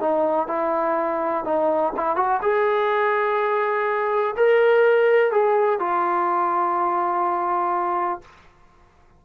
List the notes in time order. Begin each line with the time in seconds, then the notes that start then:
0.00 D#4
0.48 E4
1.45 D#4
1.96 E4
2.16 F#4
2.42 G#4
4.37 A#4
5.32 G#4
5.80 F4